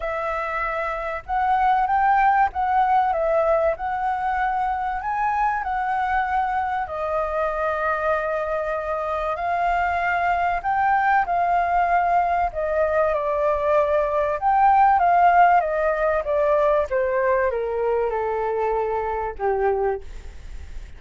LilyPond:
\new Staff \with { instrumentName = "flute" } { \time 4/4 \tempo 4 = 96 e''2 fis''4 g''4 | fis''4 e''4 fis''2 | gis''4 fis''2 dis''4~ | dis''2. f''4~ |
f''4 g''4 f''2 | dis''4 d''2 g''4 | f''4 dis''4 d''4 c''4 | ais'4 a'2 g'4 | }